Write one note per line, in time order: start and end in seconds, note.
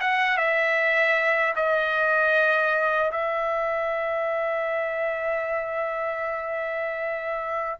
0.00 0.37 F#5
0.37 1.54 E5
1.56 3.11 D#5
3.11 7.79 E5